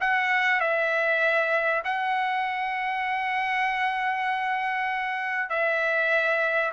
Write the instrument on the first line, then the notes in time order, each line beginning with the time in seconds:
trumpet
0.00 F#5
0.60 E5
1.84 F#5
5.50 E5